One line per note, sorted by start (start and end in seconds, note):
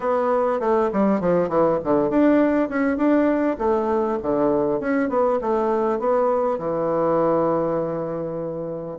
0.00 0.60 B3
0.60 0.90 A3
0.92 1.20 G3
1.20 1.48 F3
1.48 1.78 E3
1.84 2.10 D3
2.10 2.69 D4
2.69 2.97 C#4
2.97 3.57 D4
3.58 4.18 A3
4.22 4.80 D3
4.80 5.09 C#4
5.09 5.39 B3
5.41 5.99 A3
5.99 6.58 B3
6.58 8.98 E3